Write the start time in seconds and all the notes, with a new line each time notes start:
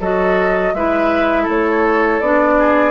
0.00 F#3 F#4 A4 D#5
0.74 G#3 E4 B4 E5
1.43 A3 A4
1.50 C#5
2.21 B3 D4 D5
2.59 G#4